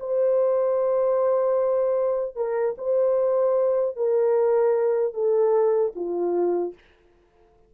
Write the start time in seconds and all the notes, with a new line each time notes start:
0.00 C5
2.36 A#4
2.78 C5
3.96 A#4
5.14 A4
5.95 F4